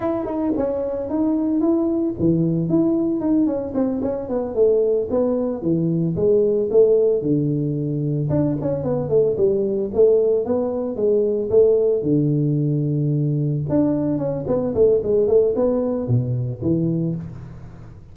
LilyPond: \new Staff \with { instrumentName = "tuba" } { \time 4/4 \tempo 4 = 112 e'8 dis'8 cis'4 dis'4 e'4 | e4 e'4 dis'8 cis'8 c'8 cis'8 | b8 a4 b4 e4 gis8~ | gis8 a4 d2 d'8 |
cis'8 b8 a8 g4 a4 b8~ | b8 gis4 a4 d4.~ | d4. d'4 cis'8 b8 a8 | gis8 a8 b4 b,4 e4 | }